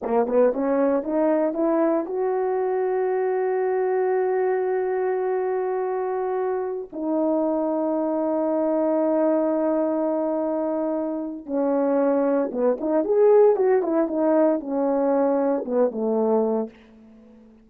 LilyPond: \new Staff \with { instrumentName = "horn" } { \time 4/4 \tempo 4 = 115 ais8 b8 cis'4 dis'4 e'4 | fis'1~ | fis'1~ | fis'4~ fis'16 dis'2~ dis'8.~ |
dis'1~ | dis'2 cis'2 | b8 dis'8 gis'4 fis'8 e'8 dis'4 | cis'2 b8 a4. | }